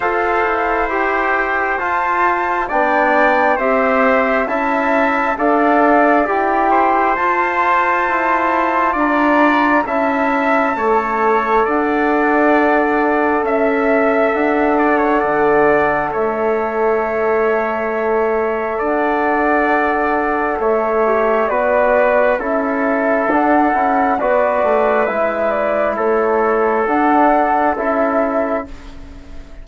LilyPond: <<
  \new Staff \with { instrumentName = "flute" } { \time 4/4 \tempo 4 = 67 f''4 g''4 a''4 g''4 | e''4 a''4 f''4 g''4 | a''2 ais''4 a''4~ | a''4 fis''2 e''4 |
fis''2 e''2~ | e''4 fis''2 e''4 | d''4 e''4 fis''4 d''4 | e''8 d''8 cis''4 fis''4 e''4 | }
  \new Staff \with { instrumentName = "trumpet" } { \time 4/4 c''2. d''4 | c''4 e''4 d''4. c''8~ | c''2 d''4 e''4 | cis''4 d''2 e''4~ |
e''8 d''16 cis''16 d''4 cis''2~ | cis''4 d''2 cis''4 | b'4 a'2 b'4~ | b'4 a'2. | }
  \new Staff \with { instrumentName = "trombone" } { \time 4/4 a'4 g'4 f'4 d'4 | g'4 e'4 a'4 g'4 | f'2. e'4 | a'1~ |
a'1~ | a'2.~ a'8 g'8 | fis'4 e'4 d'8 e'8 fis'4 | e'2 d'4 e'4 | }
  \new Staff \with { instrumentName = "bassoon" } { \time 4/4 f'8 e'4. f'4 b4 | c'4 cis'4 d'4 e'4 | f'4 e'4 d'4 cis'4 | a4 d'2 cis'4 |
d'4 d4 a2~ | a4 d'2 a4 | b4 cis'4 d'8 cis'8 b8 a8 | gis4 a4 d'4 cis'4 | }
>>